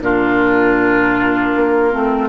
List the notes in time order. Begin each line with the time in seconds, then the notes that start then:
0.00 A#2 D4 F4 A#4
1.56 A#3
1.91 A3 C4